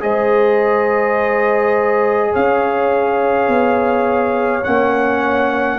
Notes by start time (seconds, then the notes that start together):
0.00 G#3 G#4 C5 D#5
2.31 C#4 C#5 F5
3.48 B3
4.63 A#3 C#4 F#5